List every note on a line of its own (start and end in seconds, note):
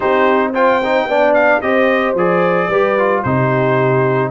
0.00 1.05 C4
0.00 0.53 D#4
0.00 0.51 G4
0.00 0.52 C5
0.53 0.81 F4
0.53 1.07 C5
0.53 1.33 G5
0.84 1.09 D#4
1.05 1.59 B3
1.05 1.62 D4
1.05 1.62 D5
1.33 1.60 F5
1.61 2.14 C4
1.61 2.16 G4
1.61 2.68 C5
1.61 2.15 D#5
2.14 2.68 F3
2.14 2.71 G#4
2.14 3.23 D5
2.68 3.23 G3
2.68 2.99 G4
2.68 3.22 B4
2.99 3.25 F4
3.23 4.30 C3
3.23 4.30 D#4
3.23 4.30 G4
3.23 4.30 C5